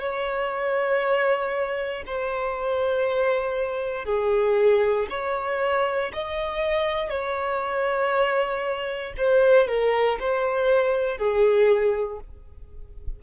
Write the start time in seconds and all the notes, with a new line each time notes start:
0.00 C#5
2.07 C5
4.05 G#4
5.10 C#5
6.13 D#5
7.10 C#5
9.18 C5
9.67 A#4
10.20 C5
11.18 G#4